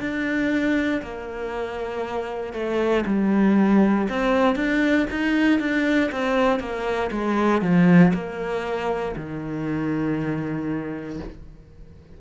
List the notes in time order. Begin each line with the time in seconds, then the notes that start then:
0.00 D4
1.02 A#3
2.53 A3
3.06 G3
4.09 C4
4.55 D4
5.10 D#4
5.60 D4
6.12 C4
6.60 A#3
7.11 G#3
7.62 F3
8.14 A#3
9.16 D#3